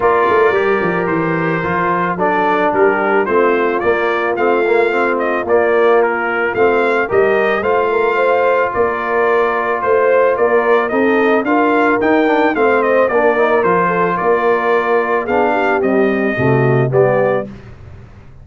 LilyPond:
<<
  \new Staff \with { instrumentName = "trumpet" } { \time 4/4 \tempo 4 = 110 d''2 c''2 | d''4 ais'4 c''4 d''4 | f''4. dis''8 d''4 ais'4 | f''4 dis''4 f''2 |
d''2 c''4 d''4 | dis''4 f''4 g''4 f''8 dis''8 | d''4 c''4 d''2 | f''4 dis''2 d''4 | }
  \new Staff \with { instrumentName = "horn" } { \time 4/4 ais'1 | a'4 g'4 f'2~ | f'1~ | f'4 ais'4 c''8 ais'8 c''4 |
ais'2 c''4 ais'4 | a'4 ais'2 c''4 | ais'4. a'8 ais'2 | gis'8 g'4. fis'4 g'4 | }
  \new Staff \with { instrumentName = "trombone" } { \time 4/4 f'4 g'2 f'4 | d'2 c'4 ais4 | c'8 ais8 c'4 ais2 | c'4 g'4 f'2~ |
f'1 | dis'4 f'4 dis'8 d'8 c'4 | d'8 dis'8 f'2. | d'4 g4 a4 b4 | }
  \new Staff \with { instrumentName = "tuba" } { \time 4/4 ais8 a8 g8 f8 e4 f4 | fis4 g4 a4 ais4 | a2 ais2 | a4 g4 a2 |
ais2 a4 ais4 | c'4 d'4 dis'4 a4 | ais4 f4 ais2 | b4 c'4 c4 g4 | }
>>